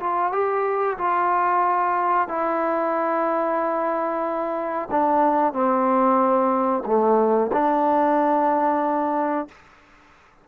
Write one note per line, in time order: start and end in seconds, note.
0.00 0.32 F4
0.32 0.98 G4
0.98 2.29 F4
2.29 4.89 E4
4.91 5.53 D4
5.53 6.84 C4
6.86 7.51 A3
7.53 9.49 D4